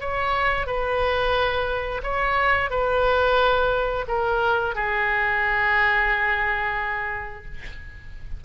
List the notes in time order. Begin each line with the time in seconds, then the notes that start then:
0.00 C#5
0.67 B4
2.03 C#5
2.71 B4
4.08 A#4
4.75 G#4